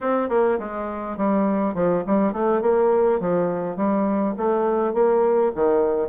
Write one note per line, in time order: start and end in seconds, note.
0.00 0.29 C4
0.29 0.58 A#3
0.59 1.17 G#3
1.17 1.74 G3
1.74 2.03 F3
2.06 2.32 G3
2.32 2.61 A3
2.61 3.20 A#3
3.20 3.76 F3
3.76 4.34 G3
4.37 4.93 A3
4.93 5.52 A#3
5.55 6.08 D#3